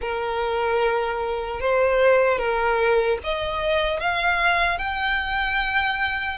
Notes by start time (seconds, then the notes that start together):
0.01 A#4
1.60 C5
2.38 A#4
3.23 D#5
4.00 F5
4.78 G5